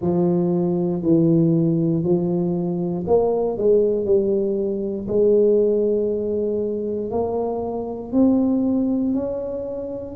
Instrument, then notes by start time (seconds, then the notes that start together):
tuba
0.01 F3
1.02 E3
2.03 F3
3.06 A#3
3.57 G#3
4.05 G3
5.08 G#3
7.10 A#3
8.12 C4
9.13 C#4